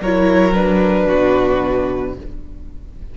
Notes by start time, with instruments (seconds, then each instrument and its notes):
0.00 cello F#3, viola E4, violin A#4 C#5
0.53 viola D4, violin B4
1.06 cello B2, violin F#4